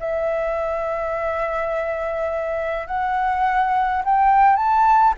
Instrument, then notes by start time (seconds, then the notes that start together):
flute
0.00 E5
2.88 F#5
4.05 G5
4.57 A5